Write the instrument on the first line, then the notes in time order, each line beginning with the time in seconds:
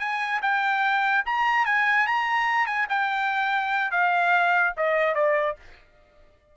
trumpet
0.00 G#5
0.43 G5
1.26 A#5
1.66 G#5
2.07 A#5
2.67 G#5
2.90 G5
3.92 F5
4.77 D#5
5.15 D5